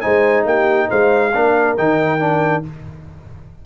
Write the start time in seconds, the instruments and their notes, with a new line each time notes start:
0.00 tuba G#3, trombone D#4, horn C5, trumpet G#5
0.45 tuba A#3, horn G4, trumpet G5
0.87 tuba G#3, horn C5, trumpet F5
1.33 tuba A#3, trombone D4, horn A#4
1.77 tuba D#3, trombone D#4, trumpet G5
2.19 trombone D4